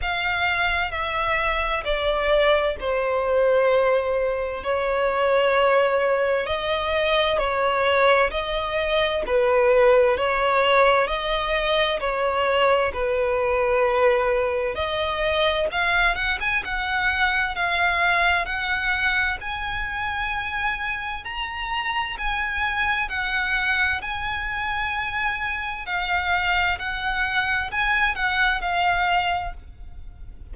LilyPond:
\new Staff \with { instrumentName = "violin" } { \time 4/4 \tempo 4 = 65 f''4 e''4 d''4 c''4~ | c''4 cis''2 dis''4 | cis''4 dis''4 b'4 cis''4 | dis''4 cis''4 b'2 |
dis''4 f''8 fis''16 gis''16 fis''4 f''4 | fis''4 gis''2 ais''4 | gis''4 fis''4 gis''2 | f''4 fis''4 gis''8 fis''8 f''4 | }